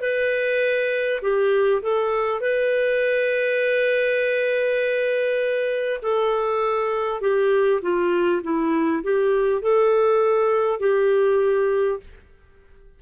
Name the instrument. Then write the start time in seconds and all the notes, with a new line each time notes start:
clarinet
0.00 B4
1.21 G4
1.82 A4
2.41 B4
6.02 A4
7.21 G4
7.82 F4
8.43 E4
9.03 G4
9.62 A4
10.79 G4